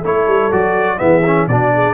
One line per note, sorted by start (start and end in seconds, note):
0.00 0.27 A3
0.00 0.51 E4
0.00 0.96 A4
0.00 0.52 C#5
0.27 0.51 G3
0.51 1.00 F#3
0.51 0.97 F#4
0.51 0.98 D5
0.97 1.47 E3
0.97 1.22 B3
0.97 1.48 G#4
0.97 1.46 E5
1.25 1.49 C#4
1.47 1.94 B2
1.47 1.94 D4
1.47 1.72 F#4
1.47 1.94 D5
1.74 1.94 G#4